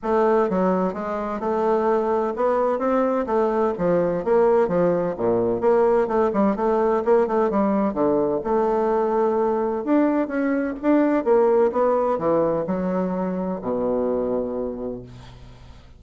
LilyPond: \new Staff \with { instrumentName = "bassoon" } { \time 4/4 \tempo 4 = 128 a4 fis4 gis4 a4~ | a4 b4 c'4 a4 | f4 ais4 f4 ais,4 | ais4 a8 g8 a4 ais8 a8 |
g4 d4 a2~ | a4 d'4 cis'4 d'4 | ais4 b4 e4 fis4~ | fis4 b,2. | }